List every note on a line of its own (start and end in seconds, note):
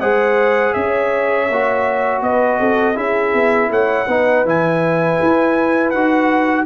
0.00 0.74 G#3
0.00 1.49 G#4
0.00 0.75 C5
0.00 0.74 F#5
0.74 1.50 C#4
0.74 2.24 C#5
0.74 2.22 E5
1.50 2.22 A#3
1.50 2.96 F#4
2.22 2.59 B3
2.22 2.60 B4
2.22 2.97 D#5
2.60 2.97 C4
2.60 2.96 A4
2.96 3.34 C#4
2.96 4.07 E4
2.96 3.70 G#4
2.96 3.71 E5
3.34 3.70 B3
3.70 4.07 A3
3.70 4.08 C#5
3.70 4.46 F#5
4.08 4.45 B3
4.08 4.46 D#4
4.08 6.66 B4
4.45 5.19 E3
4.45 5.94 E4
4.45 5.91 G#5
5.22 5.94 E4
5.91 6.66 D#4
5.91 6.66 F#4
5.91 6.65 F#5